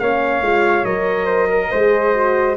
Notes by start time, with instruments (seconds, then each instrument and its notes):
0.00 tuba A#3, horn C#4, flute C#5, trumpet F5
0.42 tuba G#3, horn F4
0.85 tuba F#3, horn A#4, trumpet D#5
1.26 flute C5
1.50 flute A#4
1.71 tuba G#3, horn G#4, flute C5
2.14 horn F#4